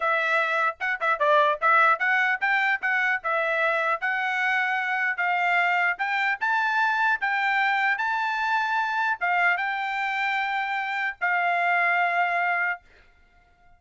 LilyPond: \new Staff \with { instrumentName = "trumpet" } { \time 4/4 \tempo 4 = 150 e''2 fis''8 e''8 d''4 | e''4 fis''4 g''4 fis''4 | e''2 fis''2~ | fis''4 f''2 g''4 |
a''2 g''2 | a''2. f''4 | g''1 | f''1 | }